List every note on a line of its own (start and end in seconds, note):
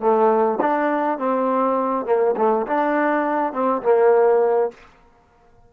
0.00 0.59 A3
0.61 1.18 D4
1.18 2.06 C4
2.06 2.35 A#3
2.37 2.66 A3
2.67 3.53 D4
3.53 3.82 C4
3.83 4.71 A#3